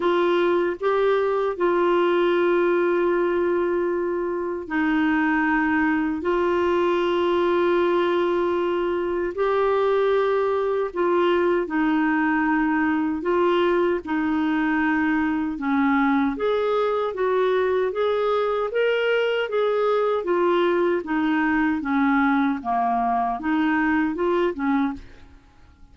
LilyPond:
\new Staff \with { instrumentName = "clarinet" } { \time 4/4 \tempo 4 = 77 f'4 g'4 f'2~ | f'2 dis'2 | f'1 | g'2 f'4 dis'4~ |
dis'4 f'4 dis'2 | cis'4 gis'4 fis'4 gis'4 | ais'4 gis'4 f'4 dis'4 | cis'4 ais4 dis'4 f'8 cis'8 | }